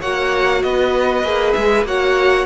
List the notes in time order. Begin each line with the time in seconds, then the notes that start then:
0.00 A#3 F#4 C#5 F#5
0.62 B3 B4 D#5
1.23 A#3 G#4
1.53 G#3 E5
1.84 A#3 F#4 C#5 F#5